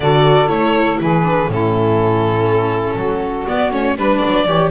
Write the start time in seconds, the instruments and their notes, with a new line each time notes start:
0.00 double bass D3, viola F#4, saxophone A4, violin D5
0.47 double bass A3, viola E4, violin C#5
1.00 double bass E3, saxophone G#4, violin B4
1.23 viola D4
1.47 double bass A2, viola C#4, saxophone E4, violin A4
2.95 double bass F#3, saxophone F#4
3.46 viola B3, double bass B3, violin D5
3.71 double bass A3, viola C#4, violin C#5
3.96 double bass G3, viola D4, saxophone B4, violin B4
4.18 violin D5
4.26 double bass F#3
4.46 double bass E3, viola G4, saxophone C#5